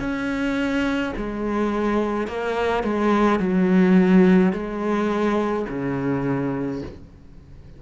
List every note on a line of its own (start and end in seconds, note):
0.00 1.13 C#4
1.17 2.27 G#3
2.27 2.84 A#3
2.84 3.40 G#3
3.40 4.53 F#3
4.53 5.66 G#3
5.69 6.82 C#3